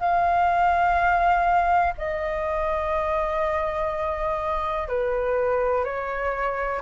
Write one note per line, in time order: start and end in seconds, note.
0.00 1.94 F5
1.98 4.88 D#5
4.88 5.84 B4
5.84 6.81 C#5